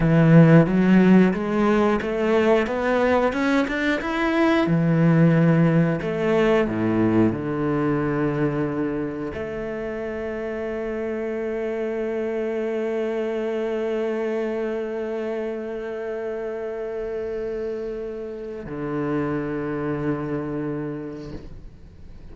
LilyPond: \new Staff \with { instrumentName = "cello" } { \time 4/4 \tempo 4 = 90 e4 fis4 gis4 a4 | b4 cis'8 d'8 e'4 e4~ | e4 a4 a,4 d4~ | d2 a2~ |
a1~ | a1~ | a1 | d1 | }